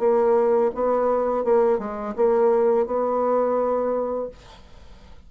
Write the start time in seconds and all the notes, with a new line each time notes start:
0.00 A#3
0.75 B3
1.44 A#3
1.79 G#3
2.16 A#3
2.87 B3